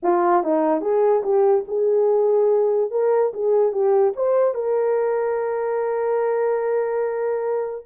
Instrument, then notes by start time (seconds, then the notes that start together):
horn
0.02 F4
0.43 D#4
0.81 G#4
1.23 G4
1.67 G#4
2.91 A#4
3.33 G#4
3.72 G4
4.16 C5
4.54 A#4